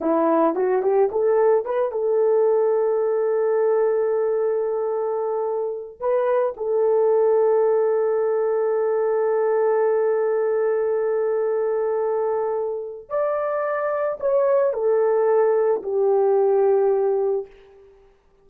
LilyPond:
\new Staff \with { instrumentName = "horn" } { \time 4/4 \tempo 4 = 110 e'4 fis'8 g'8 a'4 b'8 a'8~ | a'1~ | a'2. b'4 | a'1~ |
a'1~ | a'1 | d''2 cis''4 a'4~ | a'4 g'2. | }